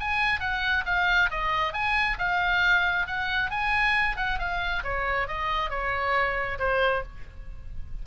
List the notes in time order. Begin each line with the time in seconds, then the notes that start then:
0.00 G#5
0.40 F#5
0.86 F5
1.30 D#5
1.73 G#5
2.19 F5
3.07 F#5
3.50 G#5
4.17 F#5
4.39 F5
4.83 C#5
5.27 D#5
5.70 C#5
6.59 C5